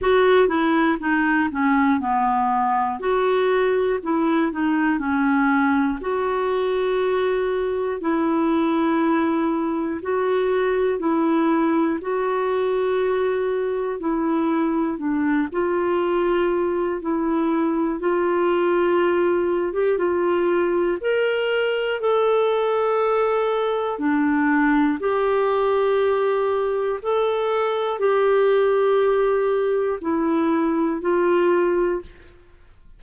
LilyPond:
\new Staff \with { instrumentName = "clarinet" } { \time 4/4 \tempo 4 = 60 fis'8 e'8 dis'8 cis'8 b4 fis'4 | e'8 dis'8 cis'4 fis'2 | e'2 fis'4 e'4 | fis'2 e'4 d'8 f'8~ |
f'4 e'4 f'4.~ f'16 g'16 | f'4 ais'4 a'2 | d'4 g'2 a'4 | g'2 e'4 f'4 | }